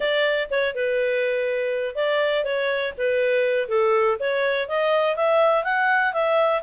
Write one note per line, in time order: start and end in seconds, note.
0.00 0.49 D5
0.50 0.74 C#5
0.74 1.95 B4
1.95 2.44 D5
2.44 2.93 C#5
2.97 3.68 B4
3.68 4.17 A4
4.19 4.68 C#5
4.68 5.16 D#5
5.16 5.64 E5
5.64 6.13 F#5
6.13 6.62 E5